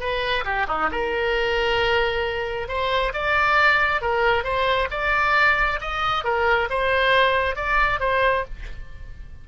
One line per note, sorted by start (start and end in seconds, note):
0.00 0.44 B4
0.45 0.67 G4
0.68 0.90 D#4
0.92 2.68 A#4
2.68 3.13 C5
3.14 4.02 D5
4.02 4.44 A#4
4.44 4.88 C5
4.91 5.80 D5
5.81 6.24 D#5
6.24 6.69 A#4
6.70 7.56 C5
7.56 8.00 D5
8.00 8.45 C5